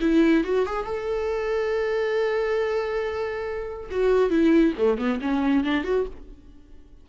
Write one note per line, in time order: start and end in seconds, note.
0.00 0.43 E4
0.44 0.65 F#4
0.66 0.85 G#4
0.85 3.89 A4
3.90 4.30 F#4
4.30 4.73 E4
4.77 4.97 A3
4.97 5.19 B3
5.21 5.64 C#4
5.64 5.84 D4
5.84 6.05 F#4